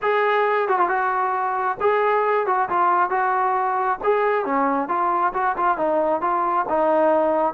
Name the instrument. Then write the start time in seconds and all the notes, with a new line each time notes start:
trombone
0.02 G#4
0.68 F#4
0.79 F4
0.88 F#4
1.80 G#4
2.46 F#4
2.69 F4
3.09 F#4
4.03 G#4
4.45 C#4
4.88 F4
5.33 F#4
5.57 F4
5.77 D#4
6.21 F4
6.68 D#4